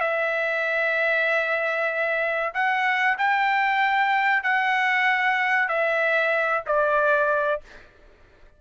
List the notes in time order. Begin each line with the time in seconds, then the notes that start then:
0.00 E5
2.53 F#5
3.18 G5
4.43 F#5
5.68 E5
6.66 D5